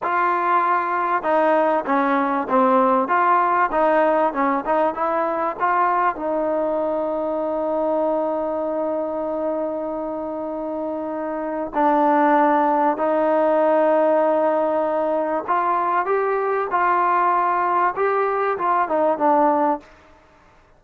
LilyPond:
\new Staff \with { instrumentName = "trombone" } { \time 4/4 \tempo 4 = 97 f'2 dis'4 cis'4 | c'4 f'4 dis'4 cis'8 dis'8 | e'4 f'4 dis'2~ | dis'1~ |
dis'2. d'4~ | d'4 dis'2.~ | dis'4 f'4 g'4 f'4~ | f'4 g'4 f'8 dis'8 d'4 | }